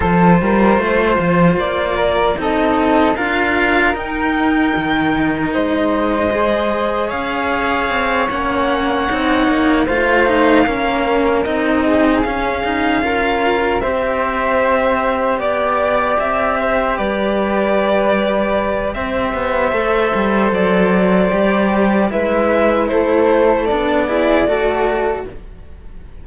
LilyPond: <<
  \new Staff \with { instrumentName = "violin" } { \time 4/4 \tempo 4 = 76 c''2 d''4 dis''4 | f''4 g''2 dis''4~ | dis''4 f''4. fis''4.~ | fis''8 f''2 dis''4 f''8~ |
f''4. e''2 d''8~ | d''8 e''4 d''2~ d''8 | e''2 d''2 | e''4 c''4 d''2 | }
  \new Staff \with { instrumentName = "flute" } { \time 4/4 a'8 ais'8 c''4. ais'8 a'4 | ais'2. c''4~ | c''4 cis''2.~ | cis''8 c''4 ais'4. gis'4~ |
gis'8 ais'4 c''2 d''8~ | d''4 c''8 b'2~ b'8 | c''1 | b'4 a'4. gis'8 a'4 | }
  \new Staff \with { instrumentName = "cello" } { \time 4/4 f'2. dis'4 | f'4 dis'2. | gis'2~ gis'8 cis'4 dis'8~ | dis'8 f'8 dis'8 cis'4 dis'4 cis'8 |
dis'8 f'4 g'2~ g'8~ | g'1~ | g'4 a'2 g'4 | e'2 d'8 e'8 fis'4 | }
  \new Staff \with { instrumentName = "cello" } { \time 4/4 f8 g8 a8 f8 ais4 c'4 | d'4 dis'4 dis4 gis4~ | gis4 cis'4 c'8 ais4 c'8 | ais8 a4 ais4 c'4 cis'8~ |
cis'4. c'2 b8~ | b8 c'4 g2~ g8 | c'8 b8 a8 g8 fis4 g4 | gis4 a4 b4 a4 | }
>>